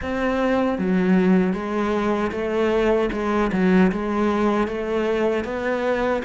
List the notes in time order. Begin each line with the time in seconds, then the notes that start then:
0.02 C4
0.78 F#3
1.53 G#3
2.31 A3
3.12 G#3
3.52 F#3
3.92 G#3
4.67 A3
5.44 B3